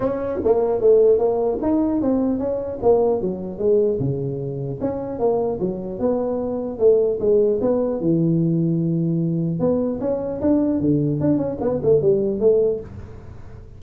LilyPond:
\new Staff \with { instrumentName = "tuba" } { \time 4/4 \tempo 4 = 150 cis'4 ais4 a4 ais4 | dis'4 c'4 cis'4 ais4 | fis4 gis4 cis2 | cis'4 ais4 fis4 b4~ |
b4 a4 gis4 b4 | e1 | b4 cis'4 d'4 d4 | d'8 cis'8 b8 a8 g4 a4 | }